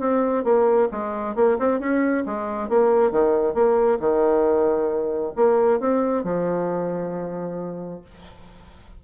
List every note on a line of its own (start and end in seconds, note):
0.00 0.44 C4
0.44 0.88 A#3
0.91 1.36 G#3
1.36 1.58 A#3
1.59 1.80 C4
1.80 2.24 C#4
2.26 2.69 G#3
2.69 3.11 A#3
3.11 3.54 D#3
3.54 3.99 A#3
4.00 5.33 D#3
5.36 5.80 A#3
5.80 6.24 C4
6.24 8.02 F3